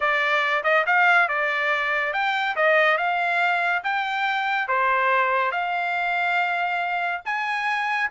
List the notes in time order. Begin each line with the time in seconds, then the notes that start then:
0.00 D5
0.63 D#5
0.86 F5
1.28 D5
2.13 G5
2.56 D#5
2.97 F5
3.83 G5
4.68 C5
5.51 F5
7.25 G#5